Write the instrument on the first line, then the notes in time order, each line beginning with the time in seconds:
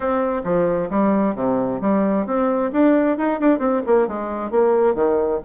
bassoon
0.00 C4
0.44 F3
0.90 G3
1.35 C3
1.81 G3
2.26 C4
2.72 D4
3.17 D#4
3.40 D4
3.59 C4
3.86 A#3
4.07 G#3
4.50 A#3
4.94 D#3